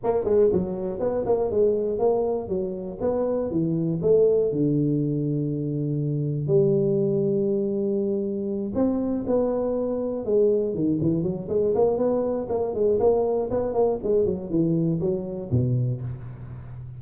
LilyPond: \new Staff \with { instrumentName = "tuba" } { \time 4/4 \tempo 4 = 120 ais8 gis8 fis4 b8 ais8 gis4 | ais4 fis4 b4 e4 | a4 d2.~ | d4 g2.~ |
g4. c'4 b4.~ | b8 gis4 dis8 e8 fis8 gis8 ais8 | b4 ais8 gis8 ais4 b8 ais8 | gis8 fis8 e4 fis4 b,4 | }